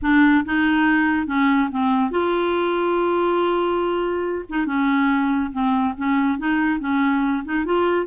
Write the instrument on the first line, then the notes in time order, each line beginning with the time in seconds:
clarinet
0.02 D4
0.45 D#4
1.26 C#4
1.71 C4
2.11 F4
4.49 D#4
4.66 C#4
5.52 C4
5.97 C#4
6.38 D#4
6.79 C#4
7.44 D#4
7.65 F4